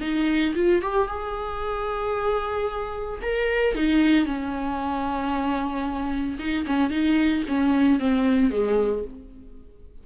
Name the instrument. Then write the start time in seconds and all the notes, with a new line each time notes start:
viola
0.00 D#4
0.55 F4
0.82 G4
1.07 G#4
3.21 A#4
3.75 D#4
4.25 C#4
6.39 D#4
6.66 C#4
6.90 D#4
7.48 C#4
7.99 C4
8.50 G#3